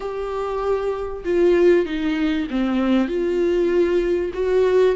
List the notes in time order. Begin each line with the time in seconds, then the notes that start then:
0.00 G4
1.24 F4
1.85 D#4
2.50 C4
3.08 F4
4.33 F#4